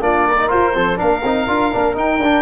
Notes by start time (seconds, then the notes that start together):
0.00 A#3 D4 F4 D5
0.28 A#4
0.37 D#4
0.48 F4 C5
0.74 F3 C4 A4
0.96 A#3 D4 A#4 F5
1.23 C4 D#4
1.48 D4 F4
1.72 A#3 D4
1.94 D#4 G5
2.18 D4